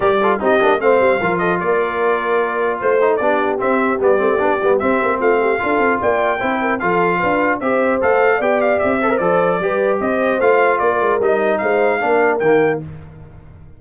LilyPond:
<<
  \new Staff \with { instrumentName = "trumpet" } { \time 4/4 \tempo 4 = 150 d''4 dis''4 f''4. dis''8 | d''2. c''4 | d''4 e''4 d''2 | e''4 f''2 g''4~ |
g''4 f''2 e''4 | f''4 g''8 f''8 e''4 d''4~ | d''4 dis''4 f''4 d''4 | dis''4 f''2 g''4 | }
  \new Staff \with { instrumentName = "horn" } { \time 4/4 ais'8 a'8 g'4 c''4 ais'8 a'8 | ais'2. c''4 | g'1~ | g'4 f'8 g'8 a'4 d''4 |
c''8 ais'8 a'4 b'4 c''4~ | c''4 d''4. c''4. | b'4 c''2 ais'4~ | ais'4 c''4 ais'2 | }
  \new Staff \with { instrumentName = "trombone" } { \time 4/4 g'8 f'8 dis'8 d'8 c'4 f'4~ | f'2.~ f'8 dis'8 | d'4 c'4 b8 c'8 d'8 b8 | c'2 f'2 |
e'4 f'2 g'4 | a'4 g'4. a'16 ais'16 a'4 | g'2 f'2 | dis'2 d'4 ais4 | }
  \new Staff \with { instrumentName = "tuba" } { \time 4/4 g4 c'8 ais8 a8 g8 f4 | ais2. a4 | b4 c'4 g8 a8 b8 g8 | c'8 ais8 a4 d'8 c'8 ais4 |
c'4 f4 d'4 c'4 | a4 b4 c'4 f4 | g4 c'4 a4 ais8 gis8 | g4 gis4 ais4 dis4 | }
>>